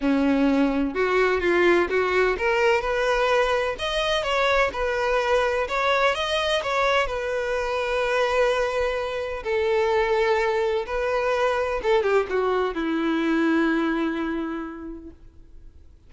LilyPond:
\new Staff \with { instrumentName = "violin" } { \time 4/4 \tempo 4 = 127 cis'2 fis'4 f'4 | fis'4 ais'4 b'2 | dis''4 cis''4 b'2 | cis''4 dis''4 cis''4 b'4~ |
b'1 | a'2. b'4~ | b'4 a'8 g'8 fis'4 e'4~ | e'1 | }